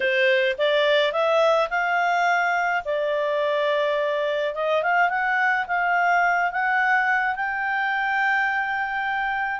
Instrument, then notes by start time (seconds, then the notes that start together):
clarinet
0.00 C5
0.57 D5
1.12 E5
1.70 F5
2.85 D5
4.55 D#5
4.83 F5
5.09 F#5
5.67 F5
6.51 F#5
7.35 G5